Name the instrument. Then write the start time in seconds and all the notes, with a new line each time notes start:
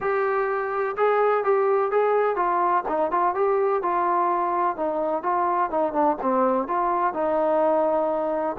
trombone
0.00 G4
0.96 G#4
1.44 G4
1.91 G#4
2.35 F4
2.88 D#4
3.11 F4
3.35 G4
3.82 F4
4.76 D#4
5.23 F4
5.70 D#4
5.92 D4
6.21 C4
6.67 F4
7.13 D#4